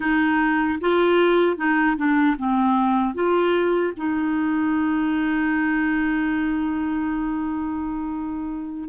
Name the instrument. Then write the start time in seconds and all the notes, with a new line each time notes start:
clarinet
0.00 D#4
0.80 F4
1.56 D#4
1.97 D4
2.37 C4
3.14 F4
3.97 D#4